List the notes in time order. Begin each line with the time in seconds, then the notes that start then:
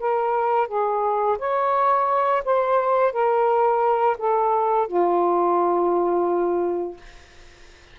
0.00 A#4
0.68 G#4
1.39 C#5
2.45 C5
3.13 A#4
4.18 A4
4.88 F4